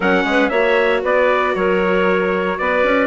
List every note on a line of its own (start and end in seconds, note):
0.00 0.24 F#3
0.00 0.51 C#4
0.00 0.25 A#4
0.00 0.49 F#5
0.24 0.50 G#3
0.24 0.51 B4
0.49 1.02 A#3
0.49 3.07 F#4
0.49 1.02 C#5
0.49 1.01 E5
1.02 1.55 B3
1.02 1.54 B4
1.02 1.55 D5
1.55 2.58 F#3
1.55 2.59 A#4
1.55 2.58 C#5
2.58 2.83 B3
2.58 3.07 B4
2.58 3.07 D5
2.83 3.07 C#4